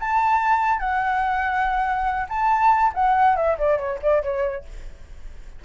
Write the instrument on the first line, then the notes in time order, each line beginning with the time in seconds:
flute
0.00 A5
0.79 F#5
2.29 A5
2.94 F#5
3.36 E5
3.58 D5
3.78 C#5
4.02 D5
4.22 C#5